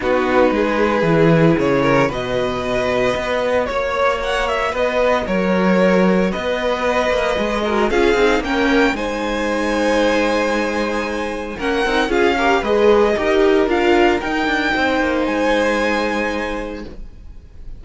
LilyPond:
<<
  \new Staff \with { instrumentName = "violin" } { \time 4/4 \tempo 4 = 114 b'2. cis''4 | dis''2. cis''4 | fis''8 e''8 dis''4 cis''2 | dis''2. f''4 |
g''4 gis''2.~ | gis''2 fis''4 f''4 | dis''2 f''4 g''4~ | g''4 gis''2. | }
  \new Staff \with { instrumentName = "violin" } { \time 4/4 fis'4 gis'2~ gis'8 ais'8 | b'2. cis''4~ | cis''4 b'4 ais'2 | b'2~ b'8 ais'8 gis'4 |
ais'4 c''2.~ | c''2 ais'4 gis'8 ais'8 | b'4 ais'2. | c''1 | }
  \new Staff \with { instrumentName = "viola" } { \time 4/4 dis'2 e'2 | fis'1~ | fis'1~ | fis'2 gis'8 fis'8 f'8 dis'8 |
cis'4 dis'2.~ | dis'2 cis'8 dis'8 f'8 g'8 | gis'4 g'4 f'4 dis'4~ | dis'1 | }
  \new Staff \with { instrumentName = "cello" } { \time 4/4 b4 gis4 e4 cis4 | b,2 b4 ais4~ | ais4 b4 fis2 | b4. ais8 gis4 cis'8 c'8 |
ais4 gis2.~ | gis2 ais8 c'8 cis'4 | gis4 dis'4 d'4 dis'8 d'8 | c'8 ais8 gis2. | }
>>